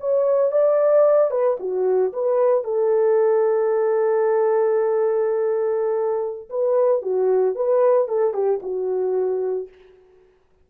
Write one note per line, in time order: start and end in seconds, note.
0.00 0.51 C#5
0.51 1.31 D5
1.31 1.57 B4
1.59 2.12 F#4
2.13 2.64 B4
2.64 6.49 A4
6.49 7.02 B4
7.02 7.55 F#4
7.55 8.08 B4
8.08 8.33 A4
8.33 8.60 G4
8.62 9.68 F#4